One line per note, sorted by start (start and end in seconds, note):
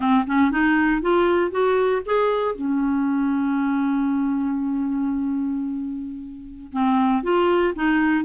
0.00 0.24 C4
0.27 0.51 C#4
0.51 1.01 D#4
1.01 1.51 F4
1.51 2.02 F#4
2.05 2.55 G#4
2.55 6.72 C#4
6.72 7.23 C4
7.23 7.74 F4
7.75 8.25 D#4